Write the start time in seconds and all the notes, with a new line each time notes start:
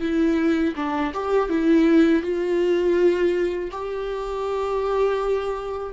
0.00 E4
0.75 D4
1.13 G4
1.49 E4
2.22 F4
3.71 G4